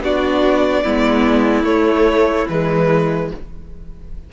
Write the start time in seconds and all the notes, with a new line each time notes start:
0.00 B3 D4 F#4 D5
0.83 G#3 B3 E4
1.64 A3 C#5
2.49 E3 G#3 B4